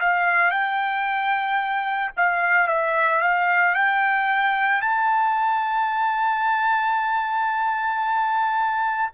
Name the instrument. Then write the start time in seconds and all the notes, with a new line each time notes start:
trumpet
0.00 F5
0.50 G5
2.16 F5
2.67 E5
3.21 F5
3.75 G5
4.81 A5